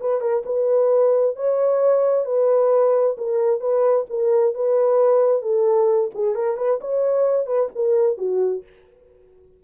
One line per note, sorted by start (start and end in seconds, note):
0.00 0.20 B4
0.20 0.43 A#4
0.45 1.36 B4
1.36 2.25 C#5
2.25 3.16 B4
3.17 3.60 A#4
3.60 4.05 B4
4.09 4.54 A#4
4.54 5.42 B4
5.42 6.10 A4
6.14 6.35 G#4
6.35 6.57 A#4
6.57 6.79 B4
6.81 7.46 C#5
7.46 7.69 B4
7.75 8.17 A#4
8.17 8.63 F#4